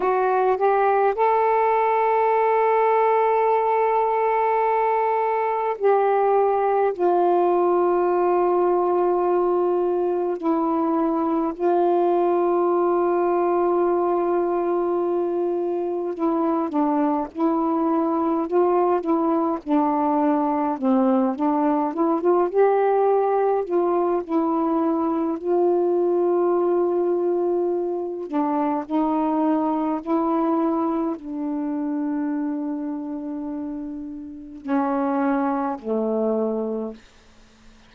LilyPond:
\new Staff \with { instrumentName = "saxophone" } { \time 4/4 \tempo 4 = 52 fis'8 g'8 a'2.~ | a'4 g'4 f'2~ | f'4 e'4 f'2~ | f'2 e'8 d'8 e'4 |
f'8 e'8 d'4 c'8 d'8 e'16 f'16 g'8~ | g'8 f'8 e'4 f'2~ | f'8 d'8 dis'4 e'4 d'4~ | d'2 cis'4 a4 | }